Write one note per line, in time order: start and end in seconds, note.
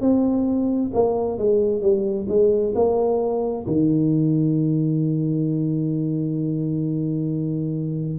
0.00 0.91 C4
0.93 1.38 A#3
1.38 1.81 G#3
1.81 2.27 G3
2.28 2.74 G#3
2.74 3.65 A#3
3.66 8.18 D#3